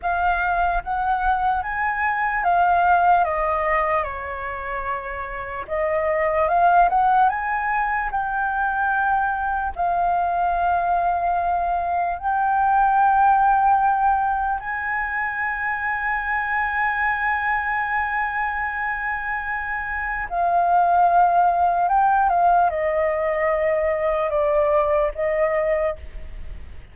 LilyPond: \new Staff \with { instrumentName = "flute" } { \time 4/4 \tempo 4 = 74 f''4 fis''4 gis''4 f''4 | dis''4 cis''2 dis''4 | f''8 fis''8 gis''4 g''2 | f''2. g''4~ |
g''2 gis''2~ | gis''1~ | gis''4 f''2 g''8 f''8 | dis''2 d''4 dis''4 | }